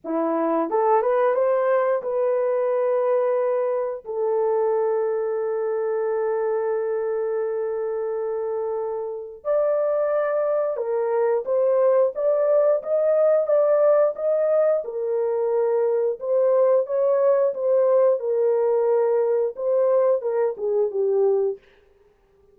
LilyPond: \new Staff \with { instrumentName = "horn" } { \time 4/4 \tempo 4 = 89 e'4 a'8 b'8 c''4 b'4~ | b'2 a'2~ | a'1~ | a'2 d''2 |
ais'4 c''4 d''4 dis''4 | d''4 dis''4 ais'2 | c''4 cis''4 c''4 ais'4~ | ais'4 c''4 ais'8 gis'8 g'4 | }